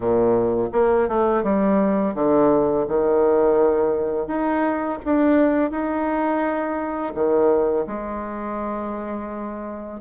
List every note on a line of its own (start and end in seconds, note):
0.00 0.69 A#2
0.72 1.08 A#3
1.08 1.43 A3
1.43 2.14 G3
2.14 2.85 D3
2.88 4.27 D#3
4.27 4.98 D#4
5.04 5.70 D4
5.70 7.13 D#4
7.14 7.85 D#3
7.86 10.00 G#3